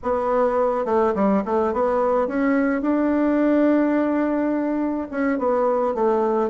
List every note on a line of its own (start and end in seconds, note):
0.02 0.85 B3
0.85 1.13 A3
1.14 1.43 G3
1.45 1.73 A3
1.73 2.27 B3
2.27 2.81 C#4
2.81 5.08 D4
5.10 5.38 C#4
5.38 5.94 B3
5.94 6.49 A3